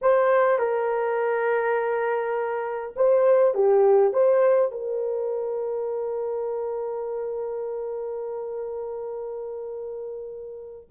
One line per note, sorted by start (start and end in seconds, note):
0.01 0.58 C5
0.58 2.94 A#4
2.95 3.54 C5
3.54 4.13 G4
4.13 4.71 C5
4.71 10.89 A#4